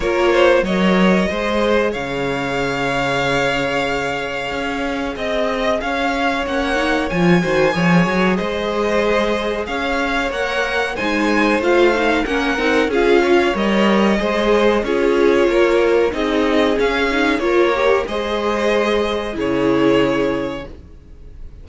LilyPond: <<
  \new Staff \with { instrumentName = "violin" } { \time 4/4 \tempo 4 = 93 cis''4 dis''2 f''4~ | f''1 | dis''4 f''4 fis''4 gis''4~ | gis''4 dis''2 f''4 |
fis''4 gis''4 f''4 fis''4 | f''4 dis''2 cis''4~ | cis''4 dis''4 f''4 cis''4 | dis''2 cis''2 | }
  \new Staff \with { instrumentName = "violin" } { \time 4/4 ais'8 c''8 cis''4 c''4 cis''4~ | cis''1 | dis''4 cis''2~ cis''8 c''8 | cis''4 c''2 cis''4~ |
cis''4 c''2 ais'4 | gis'8 cis''4. c''4 gis'4 | ais'4 gis'2 ais'4 | c''2 gis'2 | }
  \new Staff \with { instrumentName = "viola" } { \time 4/4 f'4 ais'4 gis'2~ | gis'1~ | gis'2 cis'8 dis'8 f'8 fis'8 | gis'1 |
ais'4 dis'4 f'8 dis'8 cis'8 dis'8 | f'4 ais'4 gis'4 f'4~ | f'4 dis'4 cis'8 dis'8 f'8 g'8 | gis'2 e'2 | }
  \new Staff \with { instrumentName = "cello" } { \time 4/4 ais4 fis4 gis4 cis4~ | cis2. cis'4 | c'4 cis'4 ais4 f8 dis8 | f8 fis8 gis2 cis'4 |
ais4 gis4 a4 ais8 c'8 | cis'4 g4 gis4 cis'4 | ais4 c'4 cis'4 ais4 | gis2 cis2 | }
>>